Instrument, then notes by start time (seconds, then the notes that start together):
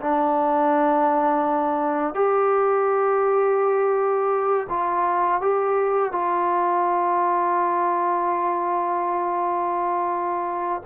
trombone
0.00 D4
2.14 G4
4.69 F4
5.41 G4
6.12 F4